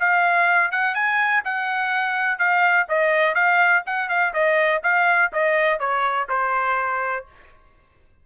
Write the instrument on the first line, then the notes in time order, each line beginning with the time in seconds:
trumpet
0.00 F5
0.72 F#5
0.95 G#5
1.45 F#5
2.39 F5
2.89 D#5
3.35 F5
3.86 F#5
4.09 F5
4.34 D#5
4.83 F5
5.33 D#5
5.80 C#5
6.29 C5